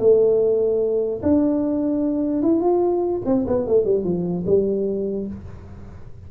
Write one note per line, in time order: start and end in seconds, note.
0.00 1.22 A3
1.23 2.43 D4
2.43 2.62 E4
2.62 3.22 F4
3.26 3.46 C4
3.48 3.67 B3
3.67 3.85 A3
3.85 4.04 G3
4.04 4.45 F3
4.46 5.28 G3